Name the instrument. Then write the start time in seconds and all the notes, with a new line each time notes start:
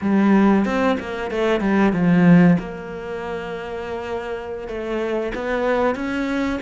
cello
0.01 G3
0.65 C4
0.99 A#3
1.30 A3
1.60 G3
1.92 F3
2.58 A#3
4.67 A3
5.35 B3
5.95 C#4